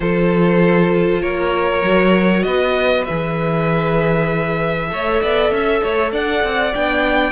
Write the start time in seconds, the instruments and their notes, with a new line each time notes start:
0.00 cello F3, viola F4, violin A4 C5
1.20 cello A#3, violin A#4 C#5
1.83 cello F#3, viola F#4
2.42 cello B3, violin B4 D#5
3.04 cello E3, viola G#4, violin E5
4.89 cello A3, viola A4, violin C#5
5.23 cello B3, violin D5
5.51 cello C#4, violin E5
5.83 cello A3, violin C#5
6.12 cello D4, violin D5 F#5
6.43 cello C4
6.74 cello B3, viola D4, violin G5